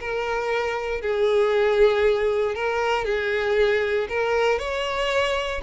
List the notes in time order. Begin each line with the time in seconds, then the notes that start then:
0.00 A#4
1.01 G#4
2.55 A#4
3.05 G#4
4.09 A#4
4.59 C#5